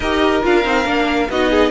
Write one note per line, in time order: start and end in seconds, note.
0.00 0.43 D#4
0.00 0.42 G4
0.00 1.29 A#4
0.00 0.43 D#5
0.42 0.64 D4
0.42 0.64 F4
0.42 1.30 F5
0.64 0.85 C4
0.64 0.83 D#4
0.83 1.28 A#3
0.83 1.27 D4
1.29 1.71 B3
1.29 1.71 D#4
1.29 1.50 F#4
1.29 1.71 D#5
1.50 1.71 G#4